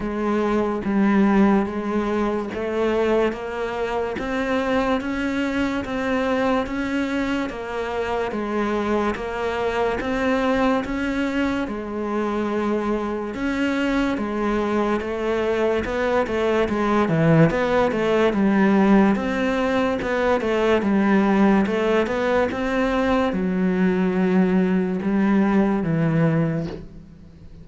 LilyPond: \new Staff \with { instrumentName = "cello" } { \time 4/4 \tempo 4 = 72 gis4 g4 gis4 a4 | ais4 c'4 cis'4 c'4 | cis'4 ais4 gis4 ais4 | c'4 cis'4 gis2 |
cis'4 gis4 a4 b8 a8 | gis8 e8 b8 a8 g4 c'4 | b8 a8 g4 a8 b8 c'4 | fis2 g4 e4 | }